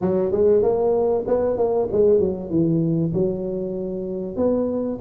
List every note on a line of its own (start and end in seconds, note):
0.01 0.31 F#3
0.31 0.62 G#3
0.62 1.24 A#3
1.27 1.57 B3
1.57 1.88 A#3
1.91 2.19 G#3
2.19 2.49 F#3
2.49 3.12 E3
3.13 4.36 F#3
4.36 4.98 B3